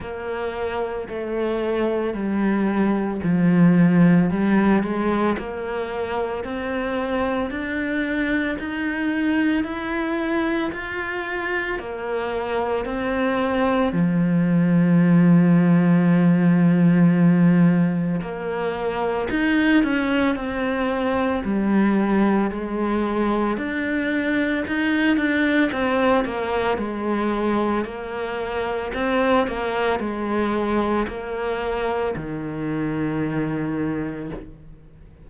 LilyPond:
\new Staff \with { instrumentName = "cello" } { \time 4/4 \tempo 4 = 56 ais4 a4 g4 f4 | g8 gis8 ais4 c'4 d'4 | dis'4 e'4 f'4 ais4 | c'4 f2.~ |
f4 ais4 dis'8 cis'8 c'4 | g4 gis4 d'4 dis'8 d'8 | c'8 ais8 gis4 ais4 c'8 ais8 | gis4 ais4 dis2 | }